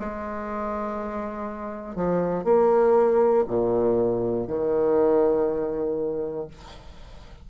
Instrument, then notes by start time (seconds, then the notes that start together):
bassoon
0.00 G#3
1.96 F3
2.45 A#3
3.48 A#2
4.48 D#3